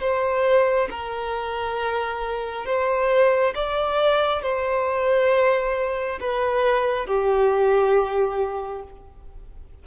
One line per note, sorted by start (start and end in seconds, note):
0.00 0.88 C5
0.90 2.66 A#4
2.66 3.54 C5
3.55 4.42 D5
4.42 6.19 C5
6.20 7.06 B4
7.06 8.82 G4